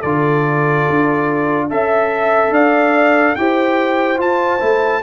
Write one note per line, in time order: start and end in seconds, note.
0.00 0.87 D3
0.00 1.70 F4
0.00 1.67 A4
0.00 1.68 D5
0.89 1.71 D4
1.70 2.50 C#4
1.70 3.36 A4
1.70 2.53 E5
2.50 3.33 D4
2.50 3.36 D5
2.50 3.35 F5
3.35 4.19 E4
3.35 4.17 G4
3.35 5.03 C5
3.35 4.19 G5
4.17 4.59 F4
4.17 4.61 F4
4.17 5.03 A5
4.60 5.03 A3
4.60 5.01 E4